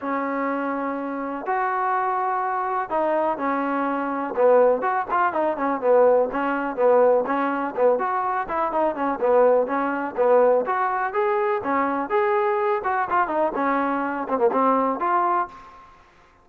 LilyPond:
\new Staff \with { instrumentName = "trombone" } { \time 4/4 \tempo 4 = 124 cis'2. fis'4~ | fis'2 dis'4 cis'4~ | cis'4 b4 fis'8 f'8 dis'8 cis'8 | b4 cis'4 b4 cis'4 |
b8 fis'4 e'8 dis'8 cis'8 b4 | cis'4 b4 fis'4 gis'4 | cis'4 gis'4. fis'8 f'8 dis'8 | cis'4. c'16 ais16 c'4 f'4 | }